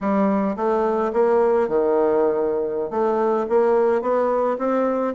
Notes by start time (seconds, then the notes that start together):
0.00 G3
0.56 A3
1.13 A#3
1.68 D#3
2.90 A3
3.49 A#3
4.01 B3
4.58 C4